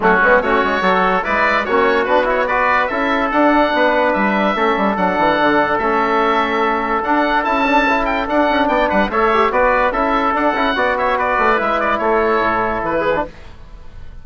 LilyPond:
<<
  \new Staff \with { instrumentName = "oboe" } { \time 4/4 \tempo 4 = 145 fis'4 cis''2 d''4 | cis''4 b'8 cis''8 d''4 e''4 | fis''2 e''2 | fis''2 e''2~ |
e''4 fis''4 a''4. g''8 | fis''4 g''8 fis''8 e''4 d''4 | e''4 fis''4. e''8 d''4 | e''8 d''8 cis''2 b'4 | }
  \new Staff \with { instrumentName = "trumpet" } { \time 4/4 cis'4 fis'4 a'4 b'4 | fis'2 b'4 a'4~ | a'4 b'2 a'4~ | a'1~ |
a'1~ | a'4 d''8 b'8 cis''4 b'4 | a'2 d''8 cis''8 b'4~ | b'4 a'2~ a'8 gis'8 | }
  \new Staff \with { instrumentName = "trombone" } { \time 4/4 a8 b8 cis'4 fis'4 e'4 | cis'4 d'8 e'8 fis'4 e'4 | d'2. cis'4 | d'2 cis'2~ |
cis'4 d'4 e'8 d'8 e'4 | d'2 a'8 g'8 fis'4 | e'4 d'8 e'8 fis'2 | e'2.~ e'8. d'16 | }
  \new Staff \with { instrumentName = "bassoon" } { \time 4/4 fis8 gis8 a8 gis8 fis4 gis4 | ais4 b2 cis'4 | d'4 b4 g4 a8 g8 | fis8 e8 d4 a2~ |
a4 d'4 cis'2 | d'8 cis'8 b8 g8 a4 b4 | cis'4 d'8 cis'8 b4. a8 | gis4 a4 a,4 e4 | }
>>